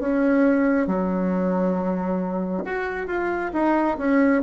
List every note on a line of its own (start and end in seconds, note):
0.00 0.87 C#4
0.87 2.64 F#3
2.65 3.07 F#4
3.07 3.51 F4
3.53 3.97 D#4
3.98 4.42 C#4